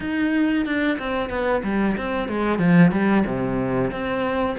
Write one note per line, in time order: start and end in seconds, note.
0.00 0.65 D#4
0.65 0.98 D4
0.98 1.29 C4
1.29 1.62 B3
1.63 1.96 G3
1.97 2.28 C4
2.28 2.58 G#3
2.58 2.91 F3
2.91 3.24 G3
3.25 3.91 C3
3.91 4.56 C4